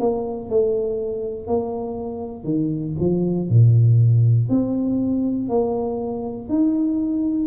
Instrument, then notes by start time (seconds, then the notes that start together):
tuba
0.00 A#3
0.50 A3
1.47 A#3
2.44 D#3
3.00 F3
3.50 A#2
4.49 C4
5.49 A#3
6.49 D#4